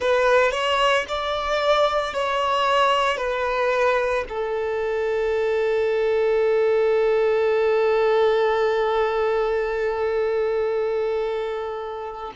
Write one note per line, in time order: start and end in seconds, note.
0.00 0.51 B4
0.51 1.05 C#5
1.08 2.13 D5
2.13 3.17 C#5
3.17 4.24 B4
4.29 12.32 A4